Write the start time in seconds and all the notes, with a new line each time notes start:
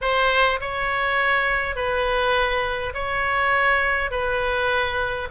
0.01 C5
0.60 C#5
1.75 B4
2.94 C#5
4.10 B4